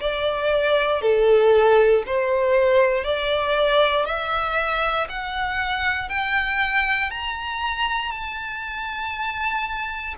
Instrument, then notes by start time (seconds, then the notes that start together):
violin
0.00 D5
1.02 A4
2.06 C5
3.04 D5
4.06 E5
5.09 F#5
6.09 G5
7.10 A#5
8.11 A5